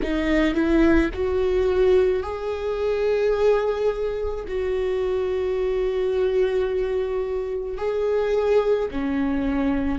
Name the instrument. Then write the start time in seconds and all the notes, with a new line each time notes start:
viola
0.02 D#4
0.54 E4
1.13 F#4
2.22 G#4
4.47 F#4
7.77 G#4
8.91 C#4